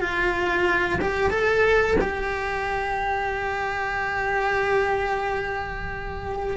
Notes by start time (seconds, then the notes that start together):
0.00 F4
1.01 G4
1.30 A4
2.00 G4